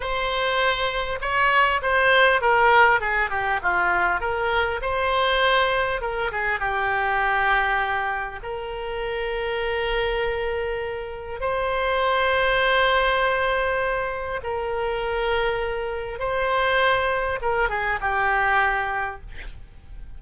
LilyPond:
\new Staff \with { instrumentName = "oboe" } { \time 4/4 \tempo 4 = 100 c''2 cis''4 c''4 | ais'4 gis'8 g'8 f'4 ais'4 | c''2 ais'8 gis'8 g'4~ | g'2 ais'2~ |
ais'2. c''4~ | c''1 | ais'2. c''4~ | c''4 ais'8 gis'8 g'2 | }